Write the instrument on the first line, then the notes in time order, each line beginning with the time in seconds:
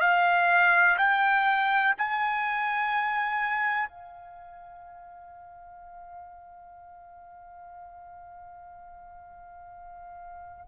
trumpet
0.00 F5
0.98 G5
1.98 G#5
3.88 F5